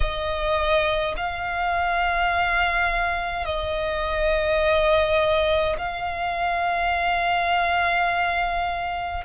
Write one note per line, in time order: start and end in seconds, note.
0.00 1.14 D#5
1.16 3.45 F5
3.45 5.76 D#5
5.77 9.24 F5